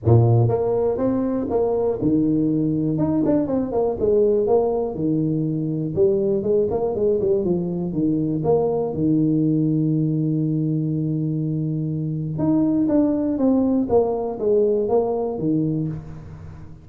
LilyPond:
\new Staff \with { instrumentName = "tuba" } { \time 4/4 \tempo 4 = 121 ais,4 ais4 c'4 ais4 | dis2 dis'8 d'8 c'8 ais8 | gis4 ais4 dis2 | g4 gis8 ais8 gis8 g8 f4 |
dis4 ais4 dis2~ | dis1~ | dis4 dis'4 d'4 c'4 | ais4 gis4 ais4 dis4 | }